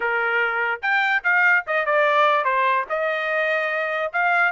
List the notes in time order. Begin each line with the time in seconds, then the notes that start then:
0.00 A#4
0.81 G5
1.23 F5
1.66 D#5
1.85 D5
2.44 C5
2.89 D#5
4.12 F5